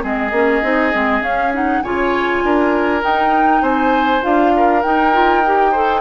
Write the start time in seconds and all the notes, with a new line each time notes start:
0.00 G#3 C4 G#4 D#5
0.31 A#3 C#4
0.63 C4 D#4
0.92 G#3 C4
1.20 C#4 F5
1.53 D#4 F#5
1.82 C#3 F4 C#5 G#5
2.43 D4 A#4
3.01 D#4 G5
3.61 C4 C5 G#5
4.21 D4 F4 F5
4.56 A#4
4.82 D#4 G5
5.13 F4
5.46 G4
5.71 A4 C5